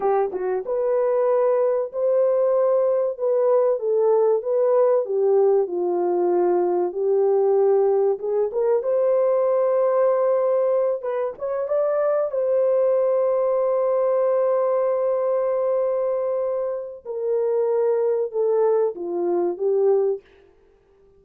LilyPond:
\new Staff \with { instrumentName = "horn" } { \time 4/4 \tempo 4 = 95 g'8 fis'8 b'2 c''4~ | c''4 b'4 a'4 b'4 | g'4 f'2 g'4~ | g'4 gis'8 ais'8 c''2~ |
c''4. b'8 cis''8 d''4 c''8~ | c''1~ | c''2. ais'4~ | ais'4 a'4 f'4 g'4 | }